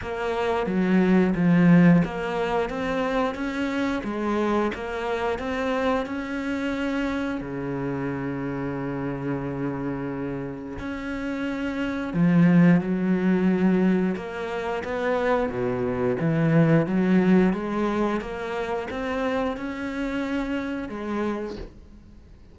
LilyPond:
\new Staff \with { instrumentName = "cello" } { \time 4/4 \tempo 4 = 89 ais4 fis4 f4 ais4 | c'4 cis'4 gis4 ais4 | c'4 cis'2 cis4~ | cis1 |
cis'2 f4 fis4~ | fis4 ais4 b4 b,4 | e4 fis4 gis4 ais4 | c'4 cis'2 gis4 | }